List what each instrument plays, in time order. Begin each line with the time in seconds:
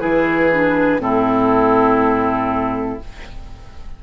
0.00 bassoon E3, clarinet E4, oboe G#4, flute B4
0.53 clarinet D4
0.99 bassoon A2, clarinet C4, oboe E4, flute A4